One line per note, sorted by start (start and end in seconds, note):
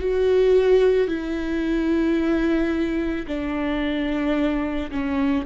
0.00 1.08 F#4
1.08 3.26 E4
3.27 4.91 D4
4.91 5.45 C#4